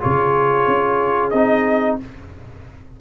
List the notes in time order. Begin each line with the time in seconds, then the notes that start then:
0.00 C#3 F4 G#4 C#5
0.67 C#4
1.30 C4 D#4 D#5